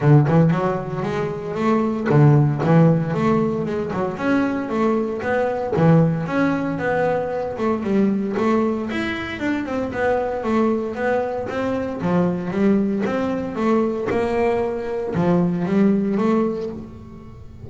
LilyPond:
\new Staff \with { instrumentName = "double bass" } { \time 4/4 \tempo 4 = 115 d8 e8 fis4 gis4 a4 | d4 e4 a4 gis8 fis8 | cis'4 a4 b4 e4 | cis'4 b4. a8 g4 |
a4 e'4 d'8 c'8 b4 | a4 b4 c'4 f4 | g4 c'4 a4 ais4~ | ais4 f4 g4 a4 | }